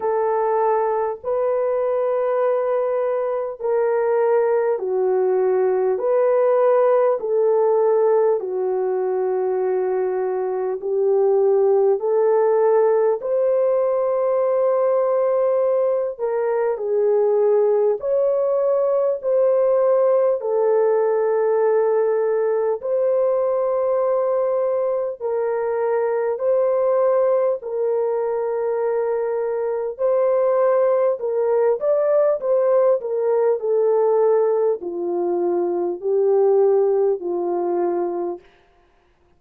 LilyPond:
\new Staff \with { instrumentName = "horn" } { \time 4/4 \tempo 4 = 50 a'4 b'2 ais'4 | fis'4 b'4 a'4 fis'4~ | fis'4 g'4 a'4 c''4~ | c''4. ais'8 gis'4 cis''4 |
c''4 a'2 c''4~ | c''4 ais'4 c''4 ais'4~ | ais'4 c''4 ais'8 d''8 c''8 ais'8 | a'4 f'4 g'4 f'4 | }